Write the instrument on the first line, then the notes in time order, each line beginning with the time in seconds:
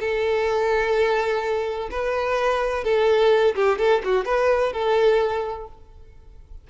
violin
0.00 A4
1.91 B4
2.84 A4
3.55 G4
3.78 A4
4.04 F#4
4.25 B4
4.73 A4